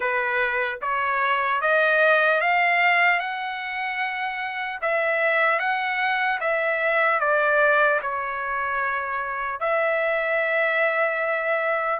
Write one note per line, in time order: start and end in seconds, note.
0.00 0.79 B4
0.81 1.61 C#5
1.61 2.40 D#5
2.40 3.19 F5
3.19 4.79 F#5
4.81 5.59 E5
5.59 6.39 F#5
6.40 7.20 E5
7.20 8.00 D5
8.02 9.60 C#5
9.60 11.99 E5